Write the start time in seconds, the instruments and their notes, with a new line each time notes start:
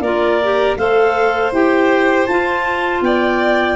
0.00 tuba A#3, clarinet F4 D5, violin A#4
0.43 clarinet G4
0.77 tuba A3, clarinet A4 F5, violin C5
1.52 tuba E4, clarinet G4 G5
2.26 tuba F4, clarinet F4 A5
3.01 tuba B3, violin D5, clarinet G5